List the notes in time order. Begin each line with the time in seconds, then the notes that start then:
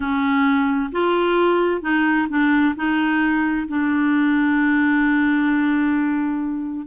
0.00 C#4
0.92 F4
1.81 D#4
2.29 D4
2.76 D#4
3.68 D4